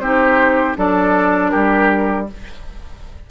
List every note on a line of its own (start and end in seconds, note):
0.00 0.76 C4
0.00 0.76 D#4
0.00 0.78 G4
0.00 0.76 C5
0.76 1.53 F#3
0.76 2.28 D4
0.76 1.52 A4
0.76 1.50 D5
1.50 2.31 G3
1.50 2.28 G4
1.50 2.26 A#4